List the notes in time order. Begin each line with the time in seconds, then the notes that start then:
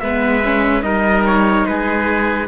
0.00 G#3 B3 B4 E5
0.45 C#4
0.83 G3 D#4 A#4 D#5
1.26 C#5
1.66 G#3 G#4 B4